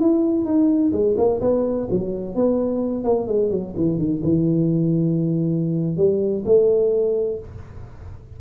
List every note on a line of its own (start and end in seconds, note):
0.00 0.46 E4
0.46 0.93 D#4
0.93 1.16 G#3
1.18 1.41 A#3
1.41 1.88 B3
1.91 2.36 F#3
2.36 3.04 B3
3.04 3.28 A#3
3.28 3.51 G#3
3.51 3.75 F#3
3.77 3.99 E3
3.99 4.23 D#3
4.24 5.97 E3
5.97 6.44 G3
6.46 7.40 A3